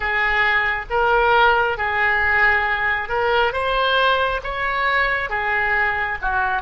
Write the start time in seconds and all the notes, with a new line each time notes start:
0.00 G#4
0.89 A#4
1.77 G#4
3.08 A#4
3.52 C5
4.43 C#5
5.29 G#4
6.21 F#4